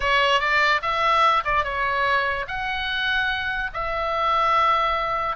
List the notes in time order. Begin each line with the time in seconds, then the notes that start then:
0.00 C#5
0.40 D5
0.82 E5
1.44 D5
1.63 C#5
2.47 F#5
3.73 E5